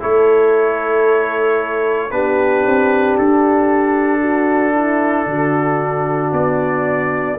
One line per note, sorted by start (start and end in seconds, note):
0.00 2.12 A3
0.00 2.11 E4
0.00 2.12 A4
0.00 2.11 C#5
2.11 2.64 B3
2.11 7.38 D4
2.11 4.21 G4
2.11 3.16 B4
2.65 3.18 C4
3.18 5.26 D4
3.18 6.34 A4
4.21 4.73 F#4
4.75 5.27 E4
5.26 6.32 D3
5.26 7.39 F#4
6.32 7.38 B3
6.32 7.39 D5